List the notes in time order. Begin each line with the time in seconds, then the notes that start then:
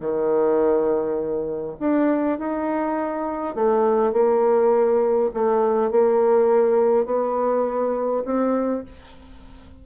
0.00 D#3
1.80 D4
2.38 D#4
3.55 A3
4.13 A#3
5.34 A3
5.91 A#3
7.06 B3
8.25 C4